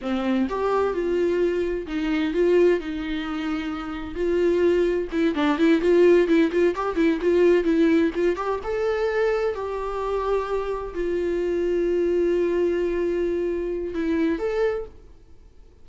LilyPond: \new Staff \with { instrumentName = "viola" } { \time 4/4 \tempo 4 = 129 c'4 g'4 f'2 | dis'4 f'4 dis'2~ | dis'4 f'2 e'8 d'8 | e'8 f'4 e'8 f'8 g'8 e'8 f'8~ |
f'8 e'4 f'8 g'8 a'4.~ | a'8 g'2. f'8~ | f'1~ | f'2 e'4 a'4 | }